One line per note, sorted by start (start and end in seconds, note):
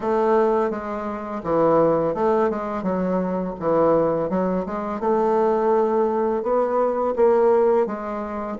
0.00 0.70 A3
0.70 1.42 G#3
1.43 2.14 E3
2.14 2.50 A3
2.50 2.82 G#3
2.82 3.54 F#3
3.59 4.29 E3
4.29 4.65 F#3
4.66 5.00 G#3
5.00 6.43 A3
6.43 7.14 B3
7.16 7.86 A#3
7.86 8.57 G#3